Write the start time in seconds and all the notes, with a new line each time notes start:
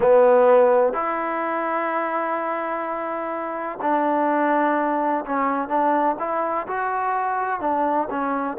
0.00 B3
0.93 E4
3.81 D4
5.26 C#4
5.68 D4
6.19 E4
6.67 F#4
7.60 D4
8.10 C#4